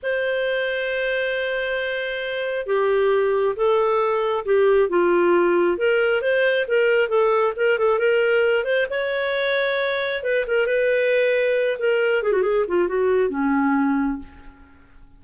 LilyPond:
\new Staff \with { instrumentName = "clarinet" } { \time 4/4 \tempo 4 = 135 c''1~ | c''2 g'2 | a'2 g'4 f'4~ | f'4 ais'4 c''4 ais'4 |
a'4 ais'8 a'8 ais'4. c''8 | cis''2. b'8 ais'8 | b'2~ b'8 ais'4 gis'16 fis'16 | gis'8 f'8 fis'4 cis'2 | }